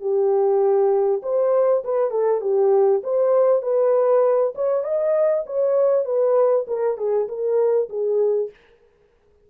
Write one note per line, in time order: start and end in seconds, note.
0.00 1.21 G4
1.22 1.83 C5
1.84 2.10 B4
2.10 2.41 A4
2.41 3.01 G4
3.03 3.62 C5
3.62 4.53 B4
4.55 4.83 C#5
4.83 5.44 D#5
5.46 6.05 C#5
6.05 6.65 B4
6.67 6.97 A#4
6.97 7.28 G#4
7.28 7.88 A#4
7.89 8.50 G#4